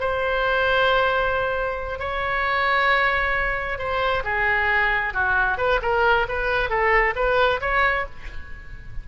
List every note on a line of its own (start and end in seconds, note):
0.00 1.99 C5
1.99 3.78 C#5
3.79 4.23 C5
4.24 5.14 G#4
5.14 5.58 F#4
5.58 5.80 B4
5.82 6.27 A#4
6.28 6.69 B4
6.69 7.14 A4
7.16 7.60 B4
7.61 8.06 C#5